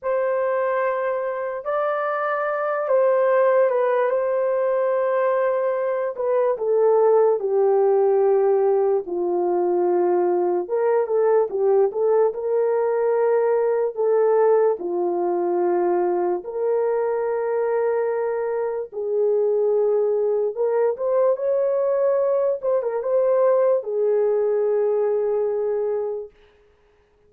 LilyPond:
\new Staff \with { instrumentName = "horn" } { \time 4/4 \tempo 4 = 73 c''2 d''4. c''8~ | c''8 b'8 c''2~ c''8 b'8 | a'4 g'2 f'4~ | f'4 ais'8 a'8 g'8 a'8 ais'4~ |
ais'4 a'4 f'2 | ais'2. gis'4~ | gis'4 ais'8 c''8 cis''4. c''16 ais'16 | c''4 gis'2. | }